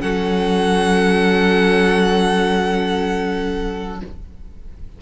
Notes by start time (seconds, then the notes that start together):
0.00 F#3 C#4 A4 F#5